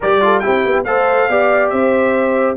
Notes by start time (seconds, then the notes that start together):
0.00 G3 G4 A#4 D5
0.21 F4 A4
0.39 E4 G4 G5
0.46 C4
0.65 B3
0.84 A3 A4 C5 F5
1.29 B3 G4 D5
1.69 C4 C5 E5